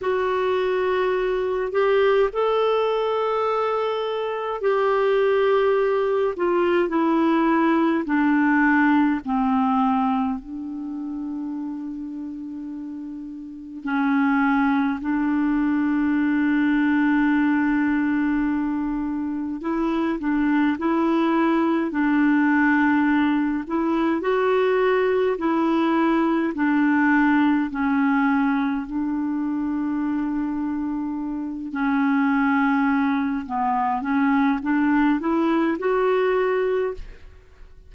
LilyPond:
\new Staff \with { instrumentName = "clarinet" } { \time 4/4 \tempo 4 = 52 fis'4. g'8 a'2 | g'4. f'8 e'4 d'4 | c'4 d'2. | cis'4 d'2.~ |
d'4 e'8 d'8 e'4 d'4~ | d'8 e'8 fis'4 e'4 d'4 | cis'4 d'2~ d'8 cis'8~ | cis'4 b8 cis'8 d'8 e'8 fis'4 | }